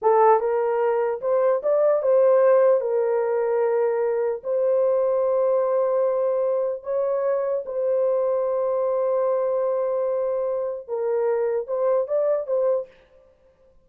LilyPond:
\new Staff \with { instrumentName = "horn" } { \time 4/4 \tempo 4 = 149 a'4 ais'2 c''4 | d''4 c''2 ais'4~ | ais'2. c''4~ | c''1~ |
c''4 cis''2 c''4~ | c''1~ | c''2. ais'4~ | ais'4 c''4 d''4 c''4 | }